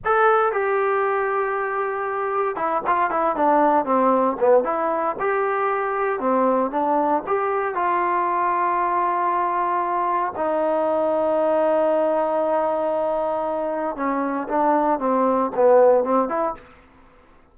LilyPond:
\new Staff \with { instrumentName = "trombone" } { \time 4/4 \tempo 4 = 116 a'4 g'2.~ | g'4 e'8 f'8 e'8 d'4 c'8~ | c'8 b8 e'4 g'2 | c'4 d'4 g'4 f'4~ |
f'1 | dis'1~ | dis'2. cis'4 | d'4 c'4 b4 c'8 e'8 | }